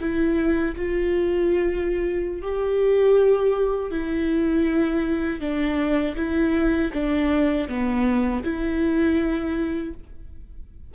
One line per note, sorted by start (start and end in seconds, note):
0.00 0.75 E4
0.75 2.42 F4
2.42 3.91 G4
3.91 5.41 E4
5.41 6.16 D4
6.16 6.91 E4
6.93 7.68 D4
7.68 8.43 B3
8.44 9.94 E4